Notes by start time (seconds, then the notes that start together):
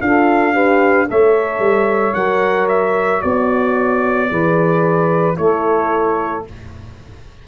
0.00 D4 F4 A4 F5
0.53 G4 B4
1.08 A3 A4 C#5 E5
1.59 G3
2.13 F#3 A#4 F#5
2.68 E5
3.21 B3 F#4 D5
4.29 E3 G#4 B4
5.35 A3 E4 A4 C#5